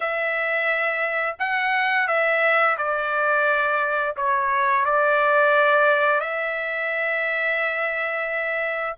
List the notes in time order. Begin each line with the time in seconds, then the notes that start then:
0.00 E5
1.39 F#5
2.07 E5
2.77 D5
4.16 C#5
4.85 D5
6.20 E5